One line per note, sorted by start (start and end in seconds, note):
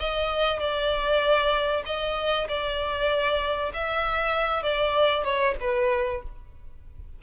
0.00 0.60 D#5
0.60 1.84 D5
1.86 2.48 D#5
2.49 3.72 D5
3.74 4.63 E5
4.63 5.24 D5
5.24 5.55 C#5
5.61 6.22 B4